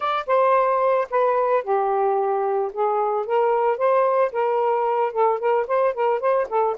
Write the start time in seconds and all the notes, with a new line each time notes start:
0.00 D5
0.27 C5
1.10 B4
1.63 G4
2.73 G#4
3.26 A#4
3.77 C5
4.32 A#4
5.12 A4
5.39 A#4
5.67 C5
5.94 A#4
6.19 C5
6.49 A4